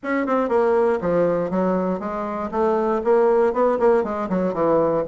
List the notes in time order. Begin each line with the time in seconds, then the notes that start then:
0.03 C#4
0.26 C4
0.48 A#3
1.01 F3
1.50 F#3
1.99 G#3
2.51 A3
3.04 A#3
3.53 B3
3.79 A#3
4.03 G#3
4.29 F#3
4.53 E3